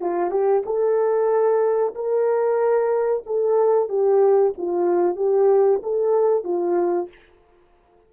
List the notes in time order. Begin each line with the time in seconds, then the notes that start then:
0.00 F4
0.30 G4
0.65 A4
1.94 A#4
3.26 A4
3.89 G4
4.57 F4
5.16 G4
5.82 A4
6.44 F4